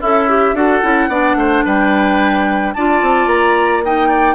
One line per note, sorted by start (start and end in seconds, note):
0.00 0.53 C#4
0.00 0.55 E4
0.00 0.28 A4
0.00 0.56 E5
0.28 0.55 G4
0.53 0.80 D4
0.53 0.82 F#4
0.53 1.09 A4
0.53 1.65 F#5
0.82 1.08 C#4
0.82 1.10 E4
1.08 1.35 B3
1.08 2.74 D4
1.08 1.36 D5
1.35 1.62 A3
1.35 1.64 C5
1.64 2.74 G3
1.64 2.73 B4
1.64 2.73 G5
2.73 3.01 D4
2.73 3.84 F4
2.73 3.84 D5
2.73 3.27 A5
3.01 3.26 C4
3.26 4.34 A#3
3.26 3.82 A#5
3.84 4.34 D#4
3.84 4.08 D#5
3.84 4.34 G5
4.08 4.34 D5